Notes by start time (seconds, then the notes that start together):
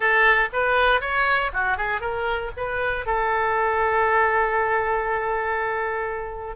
0.00 A4
0.52 B4
1.00 C#5
1.53 F#4
1.77 G#4
2.00 A#4
2.56 B4
3.06 A4